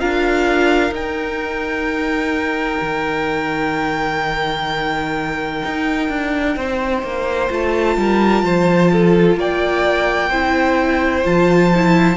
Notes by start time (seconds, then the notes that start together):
0.00 D4 F4 A#4 F5
0.90 D#4 G5
2.82 D#3
5.66 D#4
6.10 D4
6.57 C4 C5
7.03 A#3
7.49 A3 F4 A5
7.97 G3 A#4
8.43 F3 C5
8.93 A4
9.37 A#3 D5 G5
10.30 C4 E4 C5
11.25 F3 F4 A5
11.76 E4